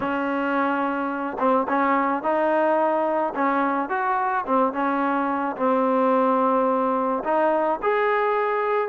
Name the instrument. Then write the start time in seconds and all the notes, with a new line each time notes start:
trombone
0.00 C#4
1.38 C4
1.68 C#4
2.22 D#4
3.34 C#4
3.89 F#4
4.46 C4
4.72 C#4
5.56 C4
7.24 D#4
7.82 G#4